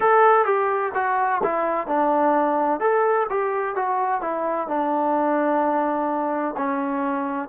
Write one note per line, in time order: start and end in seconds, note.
0.00 0.45 A4
0.45 0.92 G4
0.94 1.41 F#4
1.43 1.87 E4
1.87 2.80 D4
2.80 3.26 A4
3.29 3.75 G4
3.75 4.21 F#4
4.21 4.67 E4
4.67 6.55 D4
6.57 7.48 C#4